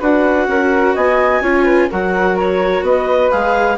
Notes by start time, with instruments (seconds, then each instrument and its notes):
0.00 bassoon D4, viola F#4, flute B4, clarinet F#5
0.48 bassoon C#4, flute A#4
0.95 bassoon B3, flute D#5, clarinet G#5
1.41 bassoon C#4, viola F4, flute C#5
1.65 flute B4
1.91 bassoon F#3, viola F#4, flute A#4, clarinet F#5
2.37 clarinet C#5
2.82 bassoon B3, flute B4, clarinet D#5
3.31 bassoon G#3, viola G#4, clarinet F5